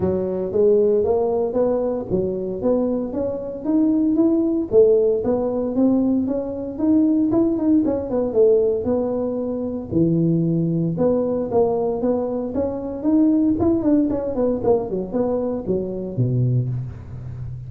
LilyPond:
\new Staff \with { instrumentName = "tuba" } { \time 4/4 \tempo 4 = 115 fis4 gis4 ais4 b4 | fis4 b4 cis'4 dis'4 | e'4 a4 b4 c'4 | cis'4 dis'4 e'8 dis'8 cis'8 b8 |
a4 b2 e4~ | e4 b4 ais4 b4 | cis'4 dis'4 e'8 d'8 cis'8 b8 | ais8 fis8 b4 fis4 b,4 | }